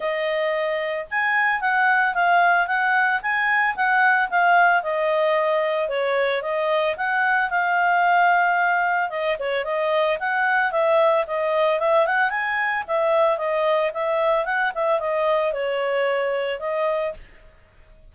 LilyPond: \new Staff \with { instrumentName = "clarinet" } { \time 4/4 \tempo 4 = 112 dis''2 gis''4 fis''4 | f''4 fis''4 gis''4 fis''4 | f''4 dis''2 cis''4 | dis''4 fis''4 f''2~ |
f''4 dis''8 cis''8 dis''4 fis''4 | e''4 dis''4 e''8 fis''8 gis''4 | e''4 dis''4 e''4 fis''8 e''8 | dis''4 cis''2 dis''4 | }